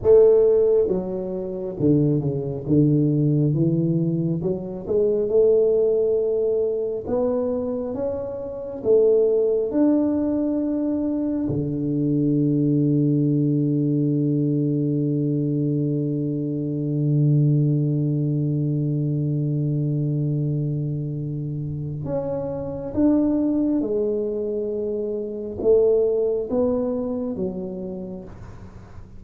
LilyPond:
\new Staff \with { instrumentName = "tuba" } { \time 4/4 \tempo 4 = 68 a4 fis4 d8 cis8 d4 | e4 fis8 gis8 a2 | b4 cis'4 a4 d'4~ | d'4 d2.~ |
d1~ | d1~ | d4 cis'4 d'4 gis4~ | gis4 a4 b4 fis4 | }